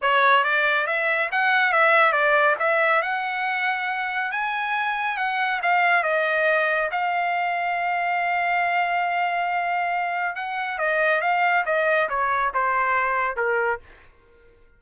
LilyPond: \new Staff \with { instrumentName = "trumpet" } { \time 4/4 \tempo 4 = 139 cis''4 d''4 e''4 fis''4 | e''4 d''4 e''4 fis''4~ | fis''2 gis''2 | fis''4 f''4 dis''2 |
f''1~ | f''1 | fis''4 dis''4 f''4 dis''4 | cis''4 c''2 ais'4 | }